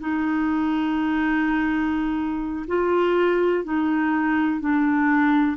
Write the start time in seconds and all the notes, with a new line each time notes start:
0.00 D#4
2.67 F4
3.64 D#4
4.60 D4